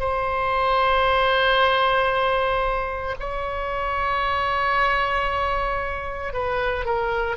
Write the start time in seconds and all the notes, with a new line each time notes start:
0.00 C5
3.20 C#5
6.33 B4
6.85 A#4